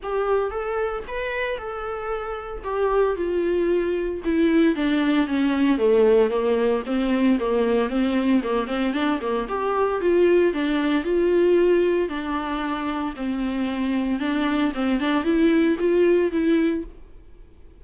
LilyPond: \new Staff \with { instrumentName = "viola" } { \time 4/4 \tempo 4 = 114 g'4 a'4 b'4 a'4~ | a'4 g'4 f'2 | e'4 d'4 cis'4 a4 | ais4 c'4 ais4 c'4 |
ais8 c'8 d'8 ais8 g'4 f'4 | d'4 f'2 d'4~ | d'4 c'2 d'4 | c'8 d'8 e'4 f'4 e'4 | }